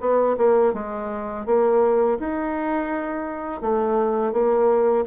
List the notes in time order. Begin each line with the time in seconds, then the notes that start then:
0.00 B3
0.37 A#3
0.73 G#3
1.46 A#3
2.19 D#4
3.61 A3
4.32 A#3